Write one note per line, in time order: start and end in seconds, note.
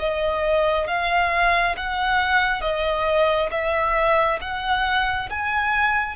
0.00 0.88 D#5
0.88 1.76 F5
1.77 2.62 F#5
2.62 3.50 D#5
3.51 4.40 E5
4.42 5.30 F#5
5.31 6.17 G#5